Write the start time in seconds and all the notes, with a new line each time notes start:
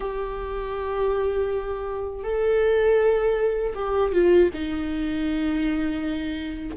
0.00 G4
2.23 A4
3.75 G4
4.12 F4
4.53 D#4